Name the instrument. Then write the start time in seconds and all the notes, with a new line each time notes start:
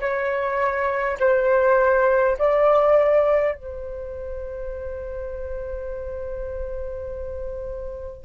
flute
0.00 C#5
1.19 C5
2.38 D5
3.55 C5